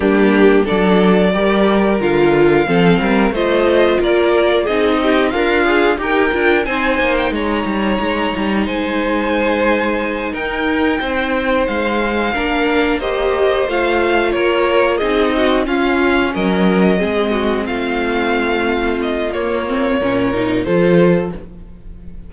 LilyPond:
<<
  \new Staff \with { instrumentName = "violin" } { \time 4/4 \tempo 4 = 90 g'4 d''2 f''4~ | f''4 dis''4 d''4 dis''4 | f''4 g''4 gis''8. g''16 ais''4~ | ais''4 gis''2~ gis''8 g''8~ |
g''4. f''2 dis''8~ | dis''8 f''4 cis''4 dis''4 f''8~ | f''8 dis''2 f''4.~ | f''8 dis''8 cis''2 c''4 | }
  \new Staff \with { instrumentName = "violin" } { \time 4/4 d'4 a'4 ais'2 | a'8 ais'8 c''4 ais'4 gis'8 g'8 | f'4 ais'4 c''4 cis''4~ | cis''4 c''2~ c''8 ais'8~ |
ais'8 c''2 ais'4 c''8~ | c''4. ais'4 gis'8 fis'8 f'8~ | f'8 ais'4 gis'8 fis'8 f'4.~ | f'2 ais'4 a'4 | }
  \new Staff \with { instrumentName = "viola" } { \time 4/4 ais4 d'4 g'4 f'4 | c'4 f'2 dis'4 | ais'8 gis'8 g'8 f'8 dis'2~ | dis'1~ |
dis'2~ dis'8 d'4 g'8~ | g'8 f'2 dis'4 cis'8~ | cis'4. c'2~ c'8~ | c'4 ais8 c'8 cis'8 dis'8 f'4 | }
  \new Staff \with { instrumentName = "cello" } { \time 4/4 g4 fis4 g4 d4 | f8 g8 a4 ais4 c'4 | d'4 dis'8 d'8 c'8 ais8 gis8 g8 | gis8 g8 gis2~ gis8 dis'8~ |
dis'8 c'4 gis4 ais4.~ | ais8 a4 ais4 c'4 cis'8~ | cis'8 fis4 gis4 a4.~ | a4 ais4 ais,4 f4 | }
>>